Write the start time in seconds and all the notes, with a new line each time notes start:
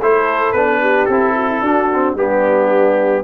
0.00 A3 E4 A4 C5
0.52 B3 D4 B4
0.81 G4
1.05 C4 E4 A4
1.36 F#4
1.49 E4
1.61 D4 F#4
1.93 C4
2.15 G3 B3 D4 G4